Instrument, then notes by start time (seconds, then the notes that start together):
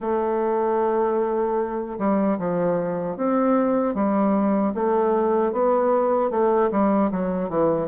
bassoon
0.00 A3
1.98 G3
2.38 F3
3.16 C4
3.94 G3
4.74 A3
5.52 B3
6.30 A3
6.71 G3
7.11 F#3
7.49 E3